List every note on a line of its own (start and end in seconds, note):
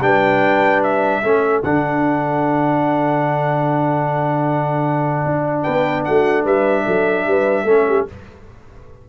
0.00 1.21 G3
0.00 1.22 D4
0.00 1.22 B4
0.00 0.82 G5
0.82 1.62 E5
1.22 1.63 A3
1.22 1.63 C#4
1.22 5.63 A4
1.62 5.25 D3
1.62 7.67 D4
1.62 5.62 F#5
5.25 5.65 D4
5.62 6.07 B3
5.62 6.03 B4
5.62 6.03 G5
6.04 6.44 A3
6.04 6.44 F#4
6.04 6.44 F#5
6.44 6.85 G3
6.44 6.84 B4
6.44 8.07 E5
6.85 7.25 F#3
6.85 7.25 A4
7.25 7.64 G3
7.25 7.64 B4
7.64 8.04 A3
7.64 8.07 C#4
7.64 7.85 A4
7.88 8.08 G4